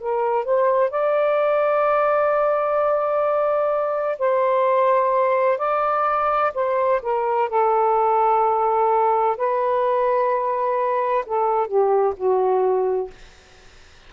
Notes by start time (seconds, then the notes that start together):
0.00 A#4
0.45 C5
0.90 D5
4.19 C5
5.58 D5
6.54 C5
7.02 A#4
7.49 A4
9.37 B4
11.26 A4
11.67 G4
12.17 F#4